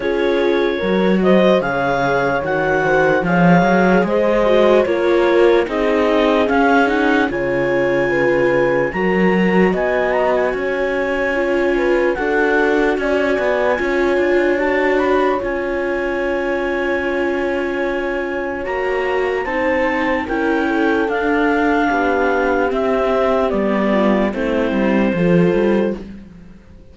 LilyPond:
<<
  \new Staff \with { instrumentName = "clarinet" } { \time 4/4 \tempo 4 = 74 cis''4. dis''8 f''4 fis''4 | f''4 dis''4 cis''4 dis''4 | f''8 fis''8 gis''2 ais''4 | gis''8 ais''16 gis''2~ gis''16 fis''4 |
gis''2 a''8 b''8 gis''4~ | gis''2. ais''4 | a''4 g''4 f''2 | e''4 d''4 c''2 | }
  \new Staff \with { instrumentName = "horn" } { \time 4/4 gis'4 ais'8 c''8 cis''4. c''8 | cis''4 c''4 ais'4 gis'4~ | gis'4 cis''4 b'4 ais'4 | dis''4 cis''4. b'8 a'4 |
d''4 cis''2.~ | cis''1 | c''4 ais'8 a'4. g'4~ | g'4. f'8 e'4 a'4 | }
  \new Staff \with { instrumentName = "viola" } { \time 4/4 f'4 fis'4 gis'4 fis'4 | gis'4. fis'8 f'4 dis'4 | cis'8 dis'8 f'2 fis'4~ | fis'2 f'4 fis'4~ |
fis'4 f'4 fis'4 f'4~ | f'2. fis'4 | dis'4 e'4 d'2 | c'4 b4 c'4 f'4 | }
  \new Staff \with { instrumentName = "cello" } { \time 4/4 cis'4 fis4 cis4 dis4 | f8 fis8 gis4 ais4 c'4 | cis'4 cis2 fis4 | b4 cis'2 d'4 |
cis'8 b8 cis'8 d'4. cis'4~ | cis'2. ais4 | c'4 cis'4 d'4 b4 | c'4 g4 a8 g8 f8 g8 | }
>>